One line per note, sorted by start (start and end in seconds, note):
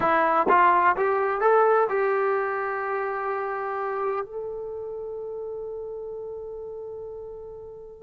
0.00 0.46 E4
0.48 0.96 F4
0.96 1.40 G4
1.40 1.87 A4
1.89 4.25 G4
4.25 8.03 A4